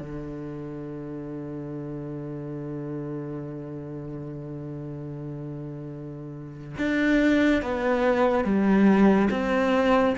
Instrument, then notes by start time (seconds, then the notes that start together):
cello
0.00 D3
6.78 D4
7.62 B3
8.45 G3
9.31 C4